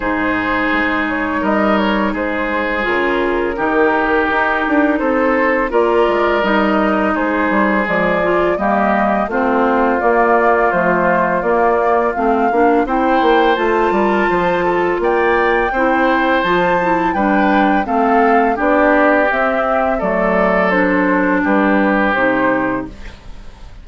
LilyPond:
<<
  \new Staff \with { instrumentName = "flute" } { \time 4/4 \tempo 4 = 84 c''4. cis''8 dis''8 cis''8 c''4 | ais'2. c''4 | d''4 dis''4 c''4 d''4 | dis''4 c''4 d''4 c''4 |
d''4 f''4 g''4 a''4~ | a''4 g''2 a''4 | g''4 f''4 d''4 e''4 | d''4 c''4 b'4 c''4 | }
  \new Staff \with { instrumentName = "oboe" } { \time 4/4 gis'2 ais'4 gis'4~ | gis'4 g'2 a'4 | ais'2 gis'2 | g'4 f'2.~ |
f'2 c''4. ais'8 | c''8 a'8 d''4 c''2 | b'4 a'4 g'2 | a'2 g'2 | }
  \new Staff \with { instrumentName = "clarinet" } { \time 4/4 dis'1 | f'4 dis'2. | f'4 dis'2 gis8 f'8 | ais4 c'4 ais4 a4 |
ais4 c'8 d'8 e'4 f'4~ | f'2 e'4 f'8 e'8 | d'4 c'4 d'4 c'4 | a4 d'2 dis'4 | }
  \new Staff \with { instrumentName = "bassoon" } { \time 4/4 gis,4 gis4 g4 gis4 | cis4 dis4 dis'8 d'8 c'4 | ais8 gis8 g4 gis8 g8 f4 | g4 a4 ais4 f4 |
ais4 a8 ais8 c'8 ais8 a8 g8 | f4 ais4 c'4 f4 | g4 a4 b4 c'4 | fis2 g4 c4 | }
>>